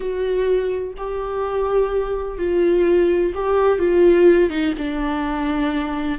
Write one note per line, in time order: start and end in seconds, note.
0.00 0.94 F#4
0.97 2.38 G4
2.38 3.33 F4
3.34 3.78 G4
3.78 4.49 F4
4.49 4.73 D#4
4.77 6.18 D4